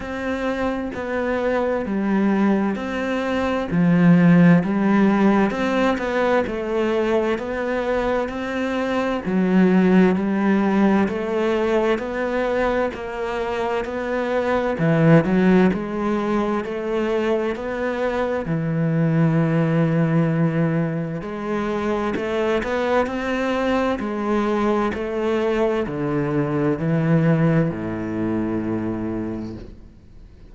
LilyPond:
\new Staff \with { instrumentName = "cello" } { \time 4/4 \tempo 4 = 65 c'4 b4 g4 c'4 | f4 g4 c'8 b8 a4 | b4 c'4 fis4 g4 | a4 b4 ais4 b4 |
e8 fis8 gis4 a4 b4 | e2. gis4 | a8 b8 c'4 gis4 a4 | d4 e4 a,2 | }